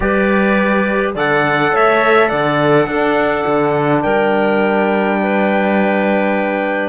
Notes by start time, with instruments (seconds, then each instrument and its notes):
0.00 cello G3, trombone G4, clarinet B4, trumpet D5
1.14 cello D3, trombone A4, clarinet D5, trumpet F#5
1.72 cello A3, clarinet C#5, trumpet E5
2.28 cello D3, clarinet D5, trumpet F#5
2.87 cello D4, trombone D4, clarinet A4
3.46 cello D3
4.02 cello G3, clarinet A#4, trumpet G5
5.22 clarinet B4